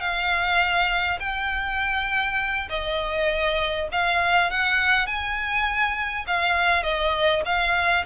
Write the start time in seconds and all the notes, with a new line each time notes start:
0.00 F5
1.20 G5
2.69 D#5
3.92 F5
4.50 F#5
5.06 G#5
6.27 F5
6.83 D#5
7.45 F5